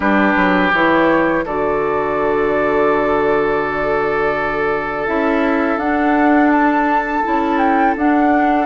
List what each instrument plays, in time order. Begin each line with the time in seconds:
0.00 bassoon G3, clarinet D4, oboe G4, flute B4
0.35 bassoon F#3
0.72 bassoon E3, clarinet E4, flute C#5
1.45 bassoon D3, clarinet F#4, oboe A4, flute D5
5.06 bassoon C#4, clarinet E4, flute E5
5.76 bassoon D4, clarinet D4, flute F#5
6.51 flute A5
7.24 bassoon C#4, clarinet E4
7.58 flute G5
7.95 bassoon D4, clarinet D4, flute F#5